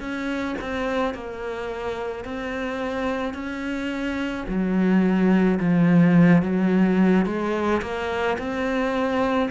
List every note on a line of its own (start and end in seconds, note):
0.00 0.56 C#4
0.61 1.14 C4
1.14 2.24 A#3
2.24 3.33 C4
3.33 4.44 C#4
4.48 5.59 F#3
5.60 6.42 F3
6.42 7.25 F#3
7.26 7.81 G#3
7.82 8.37 A#3
8.38 9.49 C4